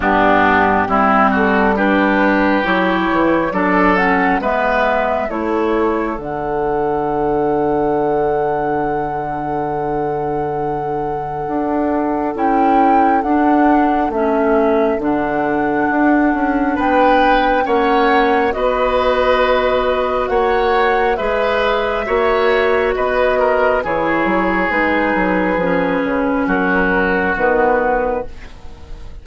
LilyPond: <<
  \new Staff \with { instrumentName = "flute" } { \time 4/4 \tempo 4 = 68 g'4. a'8 b'4 cis''4 | d''8 fis''8 e''4 cis''4 fis''4~ | fis''1~ | fis''2 g''4 fis''4 |
e''4 fis''2 g''4 | fis''4 dis''2 fis''4 | e''2 dis''4 cis''4 | b'2 ais'4 b'4 | }
  \new Staff \with { instrumentName = "oboe" } { \time 4/4 d'4 e'8 fis'8 g'2 | a'4 b'4 a'2~ | a'1~ | a'1~ |
a'2. b'4 | cis''4 b'2 cis''4 | b'4 cis''4 b'8 ais'8 gis'4~ | gis'2 fis'2 | }
  \new Staff \with { instrumentName = "clarinet" } { \time 4/4 b4 c'4 d'4 e'4 | d'8 cis'8 b4 e'4 d'4~ | d'1~ | d'2 e'4 d'4 |
cis'4 d'2. | cis'4 fis'2. | gis'4 fis'2 e'4 | dis'4 cis'2 b4 | }
  \new Staff \with { instrumentName = "bassoon" } { \time 4/4 g,4 g2 fis8 e8 | fis4 gis4 a4 d4~ | d1~ | d4 d'4 cis'4 d'4 |
a4 d4 d'8 cis'8 b4 | ais4 b2 ais4 | gis4 ais4 b4 e8 fis8 | gis8 fis8 f8 cis8 fis4 dis4 | }
>>